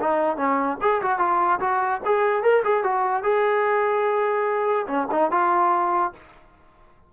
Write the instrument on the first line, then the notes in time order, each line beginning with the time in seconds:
trombone
0.00 D#4
0.36 C#4
0.81 G#4
1.02 F#4
1.19 F4
1.60 F#4
2.05 G#4
2.42 A#4
2.64 G#4
2.83 F#4
3.23 G#4
4.87 C#4
5.11 D#4
5.31 F4